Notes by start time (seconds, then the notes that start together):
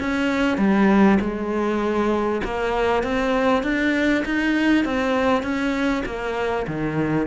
0.00 C#4
0.58 G3
1.21 G#3
2.44 A#3
3.03 C4
3.63 D4
4.25 D#4
4.85 C4
5.43 C#4
6.06 A#3
6.67 D#3